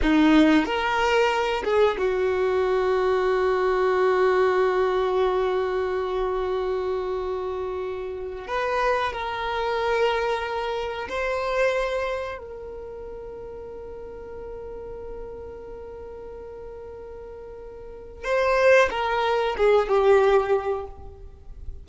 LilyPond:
\new Staff \with { instrumentName = "violin" } { \time 4/4 \tempo 4 = 92 dis'4 ais'4. gis'8 fis'4~ | fis'1~ | fis'1~ | fis'4 b'4 ais'2~ |
ais'4 c''2 ais'4~ | ais'1~ | ais'1 | c''4 ais'4 gis'8 g'4. | }